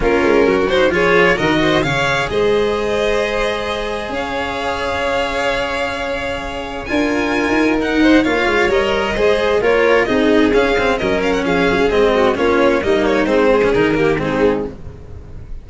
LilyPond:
<<
  \new Staff \with { instrumentName = "violin" } { \time 4/4 \tempo 4 = 131 ais'4. c''8 cis''4 dis''4 | f''4 dis''2.~ | dis''4 f''2.~ | f''2. gis''4~ |
gis''4 fis''4 f''4 dis''4~ | dis''4 cis''4 dis''4 f''4 | dis''8 f''16 fis''16 f''4 dis''4 cis''4 | dis''8 cis''8 c''4 ais'4 gis'4 | }
  \new Staff \with { instrumentName = "violin" } { \time 4/4 f'4 fis'4 gis'4 ais'8 c''8 | cis''4 c''2.~ | c''4 cis''2.~ | cis''2. ais'4~ |
ais'4. c''8 cis''2 | c''4 ais'4 gis'2 | ais'4 gis'4. fis'8 f'4 | dis'4. gis'4 g'8 dis'4 | }
  \new Staff \with { instrumentName = "cello" } { \time 4/4 cis'4. dis'8 f'4 fis'4 | gis'1~ | gis'1~ | gis'2. f'4~ |
f'4 dis'4 f'4 ais'4 | gis'4 f'4 dis'4 cis'8 c'8 | cis'2 c'4 cis'4 | ais4 c'8. cis'16 dis'8 ais8 c'4 | }
  \new Staff \with { instrumentName = "tuba" } { \time 4/4 ais8 gis8 fis4 f4 dis4 | cis4 gis2.~ | gis4 cis'2.~ | cis'2. d'4~ |
d'16 dis'4.~ dis'16 ais8 gis8 g4 | gis4 ais4 c'4 cis'4 | fis4 f8 fis8 gis4 ais4 | g4 gis4 dis4 gis4 | }
>>